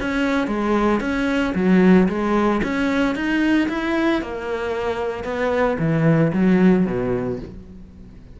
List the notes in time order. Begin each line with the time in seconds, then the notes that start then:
0.00 C#4
0.47 G#3
1.01 C#4
1.55 F#3
2.09 G#3
2.63 C#4
3.15 D#4
3.69 E4
4.22 A#3
5.24 B3
5.79 E3
6.33 F#3
6.86 B2